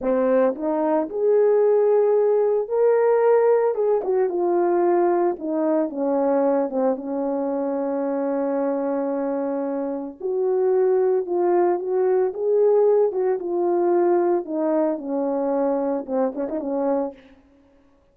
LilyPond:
\new Staff \with { instrumentName = "horn" } { \time 4/4 \tempo 4 = 112 c'4 dis'4 gis'2~ | gis'4 ais'2 gis'8 fis'8 | f'2 dis'4 cis'4~ | cis'8 c'8 cis'2.~ |
cis'2. fis'4~ | fis'4 f'4 fis'4 gis'4~ | gis'8 fis'8 f'2 dis'4 | cis'2 c'8 cis'16 dis'16 cis'4 | }